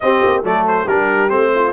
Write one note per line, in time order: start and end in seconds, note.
0.00 0.43 C4
0.00 0.24 C4
0.00 0.42 G4
0.00 0.42 D#5
0.24 0.43 A#3
0.42 0.87 F#3
0.42 0.86 A3
0.42 0.84 A4
0.42 0.67 D5
0.67 0.88 C5
0.84 1.30 G3
0.84 1.29 D4
0.84 1.49 G4
0.84 1.29 A#4
1.29 1.72 A3
1.29 1.72 C4
1.29 1.72 C5
1.54 1.72 F4